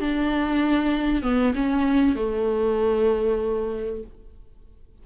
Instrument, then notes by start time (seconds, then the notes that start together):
viola
0.00 D4
1.22 B3
1.55 C#4
2.15 A3